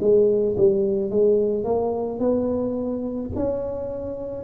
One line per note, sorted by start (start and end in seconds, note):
0.00 0.56 G#3
0.57 1.10 G3
1.10 1.64 G#3
1.64 2.19 A#3
2.19 3.30 B3
3.35 4.44 C#4